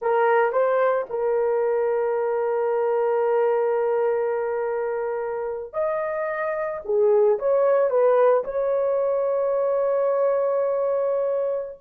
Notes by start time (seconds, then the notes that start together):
0.01 A#4
0.52 C5
1.09 A#4
5.73 D#5
6.84 G#4
7.38 C#5
7.90 B4
8.44 C#5